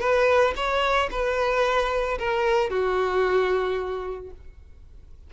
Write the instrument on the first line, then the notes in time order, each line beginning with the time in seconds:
violin
0.00 B4
0.56 C#5
1.11 B4
2.18 A#4
2.70 F#4